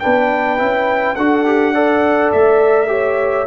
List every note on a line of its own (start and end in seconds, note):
0.00 0.61 B3
0.00 0.58 D4
0.00 1.17 B4
0.00 1.15 G5
0.58 1.17 C#4
0.58 1.16 E4
1.16 2.32 D4
1.16 1.46 F#4
1.16 1.74 A4
1.16 2.31 F#5
1.46 1.75 G4
1.74 2.88 A4
1.74 2.89 D5
2.32 3.47 A3
2.32 3.47 E5
2.88 3.46 G4
2.88 3.47 C#5